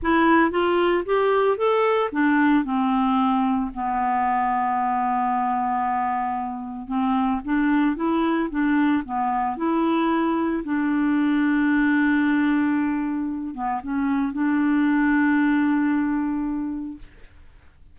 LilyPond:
\new Staff \with { instrumentName = "clarinet" } { \time 4/4 \tempo 4 = 113 e'4 f'4 g'4 a'4 | d'4 c'2 b4~ | b1~ | b4 c'4 d'4 e'4 |
d'4 b4 e'2 | d'1~ | d'4. b8 cis'4 d'4~ | d'1 | }